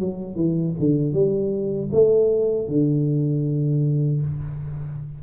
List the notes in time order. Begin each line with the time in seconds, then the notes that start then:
0.00 F#3
0.36 E3
0.80 D3
1.13 G3
1.93 A3
2.68 D3